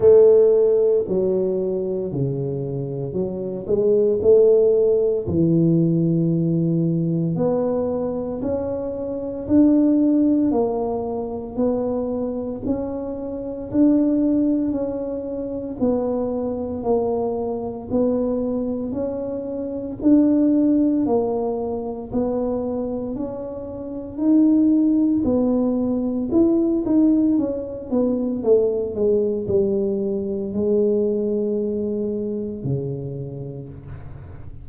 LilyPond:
\new Staff \with { instrumentName = "tuba" } { \time 4/4 \tempo 4 = 57 a4 fis4 cis4 fis8 gis8 | a4 e2 b4 | cis'4 d'4 ais4 b4 | cis'4 d'4 cis'4 b4 |
ais4 b4 cis'4 d'4 | ais4 b4 cis'4 dis'4 | b4 e'8 dis'8 cis'8 b8 a8 gis8 | g4 gis2 cis4 | }